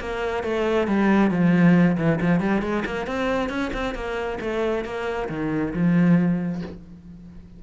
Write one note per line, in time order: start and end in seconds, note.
0.00 0.44 A#3
0.44 0.88 A3
0.88 1.31 G3
1.31 1.97 F3
1.98 2.20 E3
2.21 2.40 F3
2.40 2.62 G3
2.62 2.84 G#3
2.86 3.07 A#3
3.07 3.50 C4
3.50 3.72 C#4
3.74 3.95 C4
3.95 4.39 A#3
4.41 4.85 A3
4.85 5.29 A#3
5.29 5.73 D#3
5.74 6.62 F3